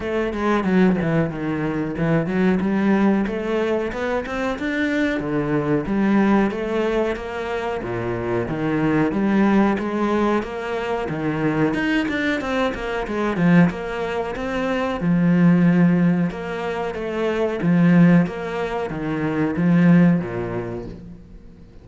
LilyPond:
\new Staff \with { instrumentName = "cello" } { \time 4/4 \tempo 4 = 92 a8 gis8 fis8 e8 dis4 e8 fis8 | g4 a4 b8 c'8 d'4 | d4 g4 a4 ais4 | ais,4 dis4 g4 gis4 |
ais4 dis4 dis'8 d'8 c'8 ais8 | gis8 f8 ais4 c'4 f4~ | f4 ais4 a4 f4 | ais4 dis4 f4 ais,4 | }